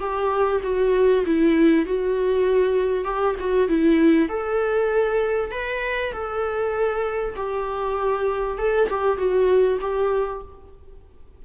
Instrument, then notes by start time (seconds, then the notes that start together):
viola
0.00 G4
0.63 F#4
1.26 E4
1.86 F#4
3.05 G4
3.40 F#4
3.68 E4
4.29 A4
5.52 B4
6.13 A4
7.36 G4
8.59 A4
8.90 G4
9.18 F#4
9.81 G4